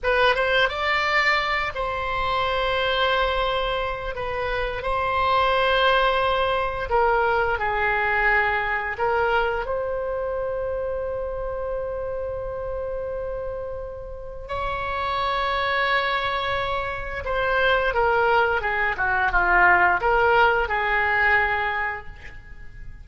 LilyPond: \new Staff \with { instrumentName = "oboe" } { \time 4/4 \tempo 4 = 87 b'8 c''8 d''4. c''4.~ | c''2 b'4 c''4~ | c''2 ais'4 gis'4~ | gis'4 ais'4 c''2~ |
c''1~ | c''4 cis''2.~ | cis''4 c''4 ais'4 gis'8 fis'8 | f'4 ais'4 gis'2 | }